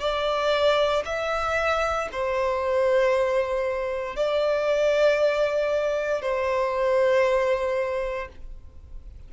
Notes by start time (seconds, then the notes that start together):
0.00 D5
1.05 E5
2.12 C5
4.16 D5
6.22 C5